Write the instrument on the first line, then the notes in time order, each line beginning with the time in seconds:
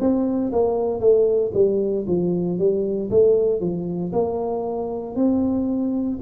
tuba
0.00 C4
0.52 A#3
1.00 A3
1.54 G3
2.07 F3
2.58 G3
3.10 A3
3.61 F3
4.12 A#3
5.16 C4